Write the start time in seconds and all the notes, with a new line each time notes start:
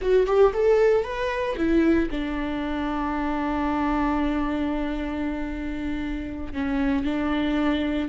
0.01 F#4
0.26 G4
0.53 A4
1.03 B4
1.57 E4
2.10 D4
6.53 C#4
7.04 D4